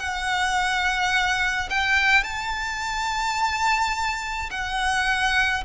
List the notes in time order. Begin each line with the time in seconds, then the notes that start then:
0.00 F#5
1.70 G5
2.24 A5
4.51 F#5